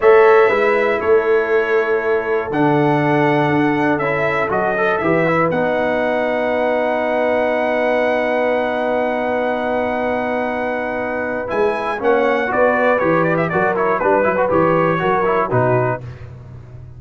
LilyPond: <<
  \new Staff \with { instrumentName = "trumpet" } { \time 4/4 \tempo 4 = 120 e''2 cis''2~ | cis''4 fis''2. | e''4 dis''4 e''4 fis''4~ | fis''1~ |
fis''1~ | fis''2. gis''4 | fis''4 d''4 cis''8 d''16 e''16 d''8 cis''8 | b'4 cis''2 b'4 | }
  \new Staff \with { instrumentName = "horn" } { \time 4/4 cis''4 b'4 a'2~ | a'1~ | a'2 b'2~ | b'1~ |
b'1~ | b'1 | cis''4 b'2 ais'4 | b'2 ais'4 fis'4 | }
  \new Staff \with { instrumentName = "trombone" } { \time 4/4 a'4 e'2.~ | e'4 d'2. | e'4 fis'8 a'8 g'8 e'8 dis'4~ | dis'1~ |
dis'1~ | dis'2. e'4 | cis'4 fis'4 g'4 fis'8 e'8 | d'8 e'16 fis'16 g'4 fis'8 e'8 dis'4 | }
  \new Staff \with { instrumentName = "tuba" } { \time 4/4 a4 gis4 a2~ | a4 d2 d'4 | cis'4 fis4 e4 b4~ | b1~ |
b1~ | b2. gis4 | ais4 b4 e4 fis4 | g8 fis8 e4 fis4 b,4 | }
>>